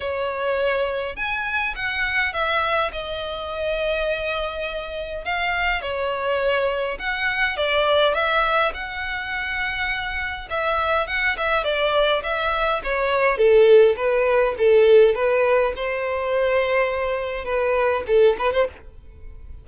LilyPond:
\new Staff \with { instrumentName = "violin" } { \time 4/4 \tempo 4 = 103 cis''2 gis''4 fis''4 | e''4 dis''2.~ | dis''4 f''4 cis''2 | fis''4 d''4 e''4 fis''4~ |
fis''2 e''4 fis''8 e''8 | d''4 e''4 cis''4 a'4 | b'4 a'4 b'4 c''4~ | c''2 b'4 a'8 b'16 c''16 | }